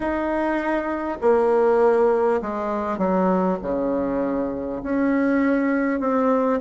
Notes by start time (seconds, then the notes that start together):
0.00 D#4
1.21 A#3
2.41 G#3
2.97 F#3
3.62 C#3
4.83 C#4
6.00 C4